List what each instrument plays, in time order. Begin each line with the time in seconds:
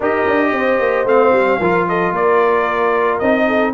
0.00 tuba D#4, trombone G4, horn A#4, trumpet D#5
0.26 tuba D4
0.52 tuba C4, horn C5
0.79 tuba A#3
1.04 tuba A3, trombone C4, trumpet F5
1.32 tuba G3
1.59 tuba F3, trombone F4, horn A#4
1.88 horn A4, trumpet D#5
2.11 tuba A#3, horn A#4, trumpet D5
3.18 tuba C4, trombone D#4, trumpet D#5
3.47 horn A4